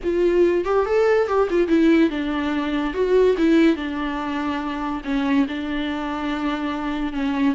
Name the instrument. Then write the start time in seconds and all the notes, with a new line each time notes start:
viola
0.03 F4
0.64 G4
0.85 A4
1.27 G4
1.50 F4
1.67 E4
2.10 D4
2.93 F#4
3.37 E4
3.76 D4
5.04 C#4
5.48 D4
7.12 C#4